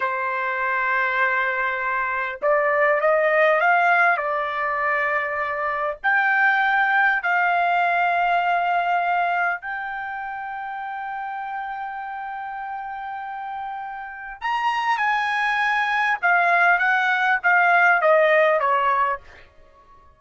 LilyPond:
\new Staff \with { instrumentName = "trumpet" } { \time 4/4 \tempo 4 = 100 c''1 | d''4 dis''4 f''4 d''4~ | d''2 g''2 | f''1 |
g''1~ | g''1 | ais''4 gis''2 f''4 | fis''4 f''4 dis''4 cis''4 | }